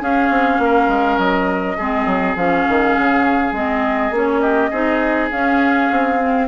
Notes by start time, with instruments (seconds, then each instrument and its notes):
0.00 bassoon C#4, clarinet C#4, oboe G#4, flute F5
0.30 bassoon C4
0.58 bassoon A#3
0.64 oboe A#4
0.87 bassoon G#3
1.18 bassoon F#3, flute D#5
1.77 bassoon G#3, clarinet C4, oboe G#4
2.05 bassoon F#3
2.35 bassoon F3, clarinet C#4, flute F5
2.68 bassoon D#3
2.97 bassoon C#3
3.51 bassoon G#3, clarinet C4, flute D#5
4.10 bassoon A#3, clarinet C#4, flute C#5
4.39 oboe G4, flute D#5
4.70 bassoon C4, clarinet D#4, oboe G#4
5.31 bassoon C#4, clarinet C#4, flute F5
5.91 bassoon C4
6.19 clarinet C4